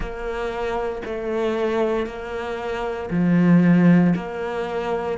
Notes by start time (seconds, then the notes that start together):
0.00 A#3
1.05 A3
2.06 A#3
3.10 F3
4.15 A#3